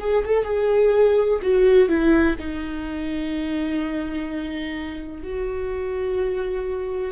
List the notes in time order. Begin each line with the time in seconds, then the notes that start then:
0.00 G#4
0.25 A4
0.45 G#4
1.42 F#4
1.89 E4
2.39 D#4
5.24 F#4